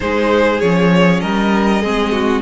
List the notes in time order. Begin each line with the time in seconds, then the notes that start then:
0.00 G#3 D#4 G#4 C5
0.60 F3 C#4 C#5
1.20 G3 A#4 D#5
1.81 G#3 C4 G#4
2.11 F#4